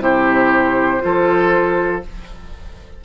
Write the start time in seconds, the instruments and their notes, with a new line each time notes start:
0.00 bassoon C3, clarinet E4, oboe G4, flute C5
1.00 bassoon F3, clarinet F4, oboe A4